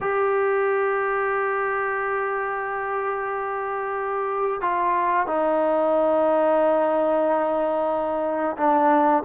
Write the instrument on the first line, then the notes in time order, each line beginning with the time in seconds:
trombone
0.00 G4
4.61 F4
5.26 D#4
8.57 D4